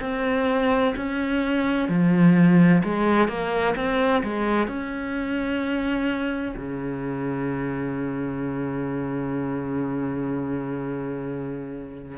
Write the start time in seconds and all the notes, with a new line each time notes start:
0.00 C4
0.96 C#4
1.88 F3
2.83 G#3
3.28 A#3
3.75 C4
4.23 G#3
4.67 C#4
6.56 C#3